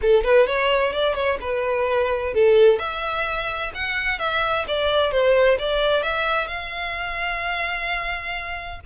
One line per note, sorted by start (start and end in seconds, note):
0.01 0.24 A4
0.24 0.47 B4
0.47 0.92 C#5
0.92 1.14 D5
1.14 1.37 C#5
1.40 2.33 B4
2.34 2.78 A4
2.78 3.71 E5
3.74 4.18 F#5
4.18 4.65 E5
4.67 5.11 D5
5.11 5.58 C5
5.58 6.02 D5
6.02 6.47 E5
6.47 8.79 F5